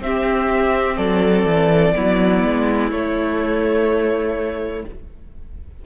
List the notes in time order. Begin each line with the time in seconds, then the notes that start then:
0.00 C4 G4 E5
0.97 F#3 A4 D5
1.45 E3
1.95 F#3 B3 E4
2.44 G#3
2.91 A3 C#5